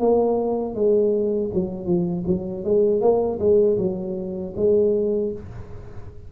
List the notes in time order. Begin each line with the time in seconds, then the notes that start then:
0.00 A#3
0.75 G#3
1.54 F#3
1.86 F3
2.27 F#3
2.65 G#3
3.01 A#3
3.40 G#3
3.78 F#3
4.57 G#3